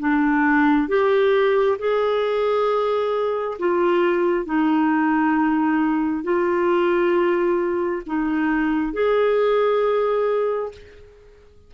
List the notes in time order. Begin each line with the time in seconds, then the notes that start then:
0.00 D4
0.89 G4
1.79 G#4
3.59 F4
4.46 D#4
6.24 F4
8.07 D#4
8.93 G#4